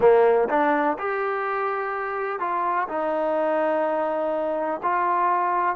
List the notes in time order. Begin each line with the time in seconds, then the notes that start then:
0.00 A#3
0.49 D4
0.98 G4
2.39 F4
2.88 D#4
4.82 F4